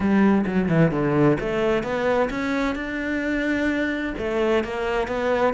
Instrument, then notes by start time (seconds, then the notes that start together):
cello
0.00 G3
0.46 F#3
0.68 E3
0.91 D3
1.40 A3
1.83 B3
2.30 C#4
2.75 D4
4.18 A3
4.63 A#3
5.07 B3